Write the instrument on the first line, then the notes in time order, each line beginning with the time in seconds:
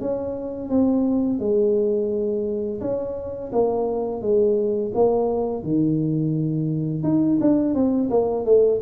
tuba
0.00 C#4
0.69 C4
1.39 G#3
2.80 C#4
3.52 A#3
4.21 G#3
4.94 A#3
5.63 D#3
7.03 D#4
7.40 D4
7.74 C4
8.10 A#3
8.44 A3